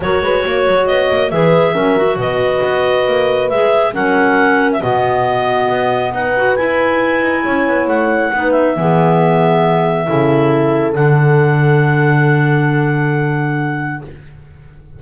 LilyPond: <<
  \new Staff \with { instrumentName = "clarinet" } { \time 4/4 \tempo 4 = 137 cis''2 dis''4 e''4~ | e''4 dis''2. | e''4 fis''4.~ fis''16 e''16 dis''4~ | dis''2 fis''4 gis''4~ |
gis''2 fis''4. e''8~ | e''1~ | e''4 fis''2.~ | fis''1 | }
  \new Staff \with { instrumentName = "horn" } { \time 4/4 ais'8 b'8 cis''2 b'4 | ais'4 b'2.~ | b'4 ais'2 fis'4~ | fis'2 b'2~ |
b'4 cis''2 b'4 | gis'2. a'4~ | a'1~ | a'1 | }
  \new Staff \with { instrumentName = "clarinet" } { \time 4/4 fis'2. gis'4 | cis'8 fis'2.~ fis'8 | gis'4 cis'2 b4~ | b2~ b8 fis'8 e'4~ |
e'2. dis'4 | b2. e'4~ | e'4 d'2.~ | d'1 | }
  \new Staff \with { instrumentName = "double bass" } { \time 4/4 fis8 gis8 ais8 fis8 b8 ais8 e4 | fis4 b,4 b4 ais4 | gis4 fis2 b,4~ | b,4 b4 dis'4 e'4~ |
e'8 dis'8 cis'8 b8 a4 b4 | e2. cis4~ | cis4 d2.~ | d1 | }
>>